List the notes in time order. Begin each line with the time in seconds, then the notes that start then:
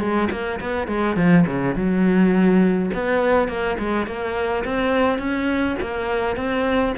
0.00 G#3
0.31 A#3
0.61 B3
0.88 G#3
1.17 F3
1.47 C#3
1.76 F#3
2.94 B3
3.49 A#3
3.79 G#3
4.07 A#3
4.65 C4
5.19 C#4
5.81 A#3
6.36 C4